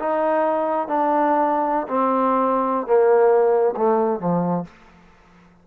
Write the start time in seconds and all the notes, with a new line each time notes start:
0.00 D#4
0.88 D4
1.88 C4
2.87 A#3
3.77 A3
4.21 F3